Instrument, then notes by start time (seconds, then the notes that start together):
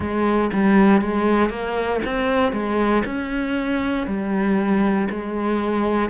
cello
0.00 G#3
0.53 G3
1.01 G#3
1.49 A#3
2.05 C4
2.52 G#3
3.05 C#4
4.06 G3
5.09 G#3